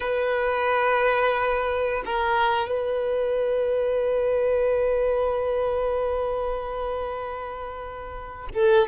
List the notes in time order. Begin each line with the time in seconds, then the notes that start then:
0.00 B4
2.05 A#4
2.68 B4
8.54 A4